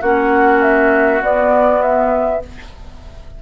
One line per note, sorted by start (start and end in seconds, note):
0.00 1.21 A#3
0.00 1.22 C#4
0.00 2.40 F#4
0.00 0.62 F#5
0.62 1.22 E5
1.21 2.41 B3
1.21 2.42 B3
1.21 1.82 D5
1.82 2.42 E5